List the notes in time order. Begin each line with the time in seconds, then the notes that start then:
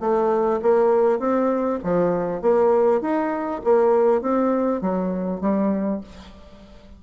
0.00 A3
0.62 A#3
1.19 C4
1.84 F3
2.41 A#3
3.01 D#4
3.64 A#3
4.21 C4
4.81 F#3
5.41 G3